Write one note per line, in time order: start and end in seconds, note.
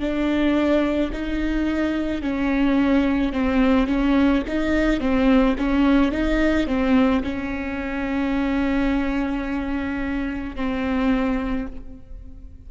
0.00 1.11 D4
1.13 2.22 D#4
2.22 3.33 C#4
3.33 3.87 C4
3.87 4.43 C#4
4.47 5.01 D#4
5.01 5.56 C4
5.59 6.12 C#4
6.12 6.67 D#4
6.67 7.23 C4
7.23 10.56 C#4
10.56 11.67 C4